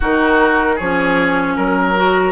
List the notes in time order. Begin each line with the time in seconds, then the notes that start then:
0.00 D#3 D#4 F#4 A#4
0.75 F3 G#4 C#5
0.82 C#4
1.56 F#3 A#4
1.95 F#4